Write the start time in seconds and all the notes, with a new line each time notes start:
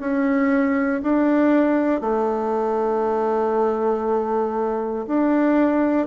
0.00 C#4
1.03 D4
2.01 A3
5.07 D4